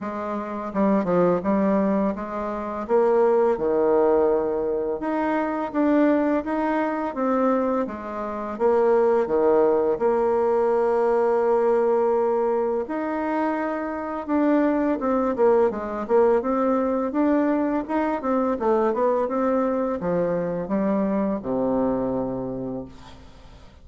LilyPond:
\new Staff \with { instrumentName = "bassoon" } { \time 4/4 \tempo 4 = 84 gis4 g8 f8 g4 gis4 | ais4 dis2 dis'4 | d'4 dis'4 c'4 gis4 | ais4 dis4 ais2~ |
ais2 dis'2 | d'4 c'8 ais8 gis8 ais8 c'4 | d'4 dis'8 c'8 a8 b8 c'4 | f4 g4 c2 | }